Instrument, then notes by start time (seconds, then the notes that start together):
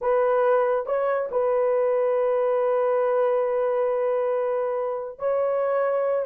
horn
0.01 B4
0.86 C#5
1.31 B4
5.18 C#5